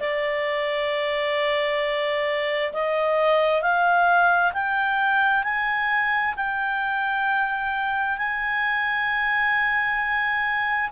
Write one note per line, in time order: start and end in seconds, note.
0.00 2.73 D5
2.73 3.62 D#5
3.62 4.52 F5
4.53 5.43 G5
5.43 6.34 G#5
6.36 8.17 G5
8.17 10.90 G#5